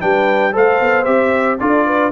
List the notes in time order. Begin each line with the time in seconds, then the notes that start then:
0.00 G3 D4 B4 G5
0.52 A3 A4 C5 F5
0.80 B3
1.04 C4 G4 E5
1.60 D4 F4 A4 D5
1.86 B4